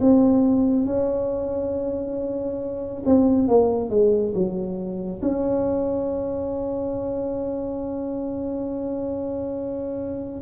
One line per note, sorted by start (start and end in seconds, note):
0.00 0.85 C4
0.85 3.03 C#4
3.05 3.48 C4
3.48 3.89 A#3
3.89 4.33 G#3
4.34 5.21 F#3
5.21 10.41 C#4